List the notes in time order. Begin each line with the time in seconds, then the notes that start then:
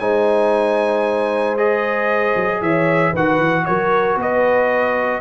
0.00 G#3 D#4 C5 G#5
1.58 G#4 D#5
2.36 F#3
2.61 E3 C#5 E5
3.11 D#3 F#4 B4 F#5
3.39 E3
3.66 F#3 A#4 C#5
4.16 B3 B4 D#5